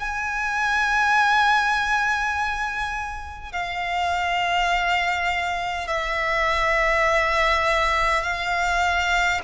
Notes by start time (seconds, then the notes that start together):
0.00 G#5
3.52 F5
5.88 E5
8.24 F5